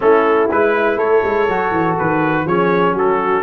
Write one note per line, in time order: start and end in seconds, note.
0.00 0.50 A3
0.00 0.49 C#4
0.00 0.97 E4
0.00 0.50 A4
0.51 0.96 G#3
0.51 1.49 E4
0.51 0.98 B4
0.96 1.21 A3
0.96 2.44 A4
0.96 1.96 C#5
1.24 1.47 G#3
1.47 1.71 F#3
1.47 2.47 F#4
1.71 1.95 E3
1.98 2.45 D#3
1.98 2.47 B4
2.45 2.92 F3
2.45 3.42 C#4
2.45 2.94 G#4
2.45 2.96 C#5
2.92 3.41 F#3
2.92 3.42 F#4
2.92 3.42 A4